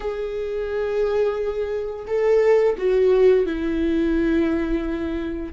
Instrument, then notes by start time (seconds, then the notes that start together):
viola
0.00 G#4
2.07 A4
2.77 F#4
3.45 E4